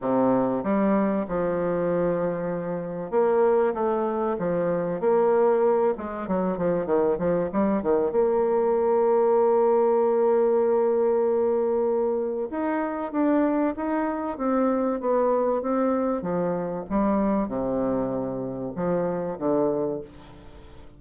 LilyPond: \new Staff \with { instrumentName = "bassoon" } { \time 4/4 \tempo 4 = 96 c4 g4 f2~ | f4 ais4 a4 f4 | ais4. gis8 fis8 f8 dis8 f8 | g8 dis8 ais2.~ |
ais1 | dis'4 d'4 dis'4 c'4 | b4 c'4 f4 g4 | c2 f4 d4 | }